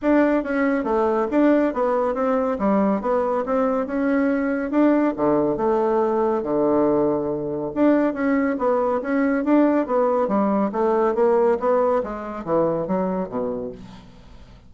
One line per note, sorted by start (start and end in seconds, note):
0.02 0.43 D4
0.43 0.84 C#4
0.84 1.27 A3
1.30 1.73 D4
1.73 2.14 B3
2.14 2.57 C4
2.58 3.01 G3
3.01 3.44 B3
3.45 3.86 C4
3.86 4.70 C#4
4.70 5.13 D4
5.16 5.57 D3
5.57 6.42 A3
6.42 7.71 D3
7.74 8.13 D4
8.13 8.56 C#4
8.58 9.01 B3
9.01 9.44 C#4
9.44 9.86 D4
9.86 10.28 B3
10.28 10.70 G3
10.72 11.14 A3
11.14 11.57 A#3
11.59 12.02 B3
12.03 12.44 G#3
12.44 12.87 E3
12.87 13.29 F#3
13.29 13.71 B2